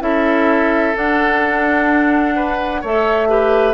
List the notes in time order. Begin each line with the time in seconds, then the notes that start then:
0.00 C#4 E4 A4 E5
0.96 D4 F#5
2.36 B4
2.81 A3 A4 C#5 E5
3.28 G4 B4